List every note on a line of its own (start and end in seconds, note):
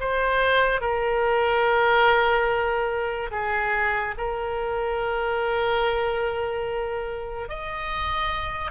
0.00 0.81 C5
0.81 3.31 A#4
3.31 4.14 G#4
4.17 7.49 A#4
7.49 8.71 D#5